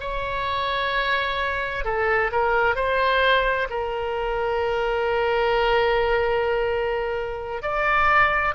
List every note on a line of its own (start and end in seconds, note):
0.00 1.85 C#5
1.85 2.31 A4
2.32 2.75 A#4
2.75 3.68 C5
3.70 7.62 A#4
7.62 8.55 D5